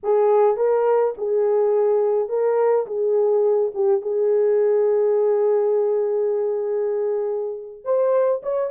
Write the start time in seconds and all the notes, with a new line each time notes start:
0.03 G#4
0.57 A#4
1.17 G#4
2.29 A#4
2.86 G#4
3.74 G4
4.01 G#4
7.84 C5
8.42 C#5